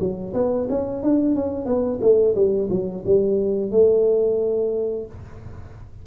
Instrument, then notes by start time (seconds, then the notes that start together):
tuba
0.00 F#3
0.34 B3
0.69 C#4
1.03 D4
1.35 C#4
1.66 B3
2.01 A3
2.35 G3
2.70 F#3
3.06 G3
3.71 A3